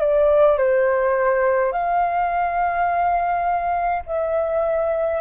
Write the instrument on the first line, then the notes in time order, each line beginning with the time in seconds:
flute
0.00 D5
0.58 C5
1.73 F5
4.06 E5